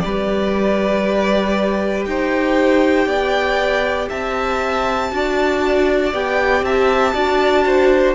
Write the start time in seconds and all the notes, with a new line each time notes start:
0.00 G3 G4 B4 D5
2.06 D#4 C5 G5
3.06 B3 D5
4.09 C4 E5 A5
5.11 D4 F#4 D5
6.13 B3 G4 G5
6.62 C4 E5 A5
7.14 D4 F#4 D5
7.66 C5